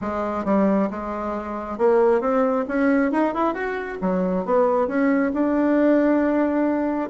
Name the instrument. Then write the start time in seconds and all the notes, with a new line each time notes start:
bassoon
0.01 G#3
0.44 G3
0.90 G#3
1.77 A#3
2.21 C4
2.68 C#4
3.11 D#4
3.34 E4
3.54 F#4
4.01 F#3
4.45 B3
4.87 C#4
5.33 D4